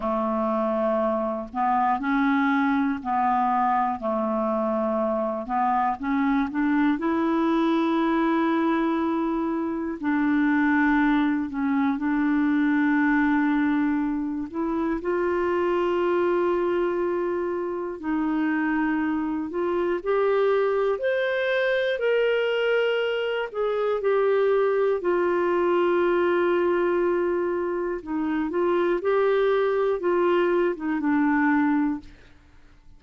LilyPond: \new Staff \with { instrumentName = "clarinet" } { \time 4/4 \tempo 4 = 60 a4. b8 cis'4 b4 | a4. b8 cis'8 d'8 e'4~ | e'2 d'4. cis'8 | d'2~ d'8 e'8 f'4~ |
f'2 dis'4. f'8 | g'4 c''4 ais'4. gis'8 | g'4 f'2. | dis'8 f'8 g'4 f'8. dis'16 d'4 | }